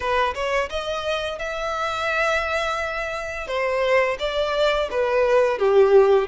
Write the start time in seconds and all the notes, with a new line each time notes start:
0.00 B4
0.34 C#5
0.69 D#5
1.38 E5
3.47 C5
4.19 D5
4.91 B4
5.58 G4